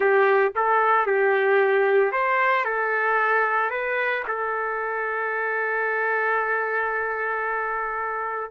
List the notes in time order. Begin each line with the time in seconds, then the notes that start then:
0.00 G4
0.55 A4
1.06 G4
2.11 C5
2.64 A4
3.70 B4
4.27 A4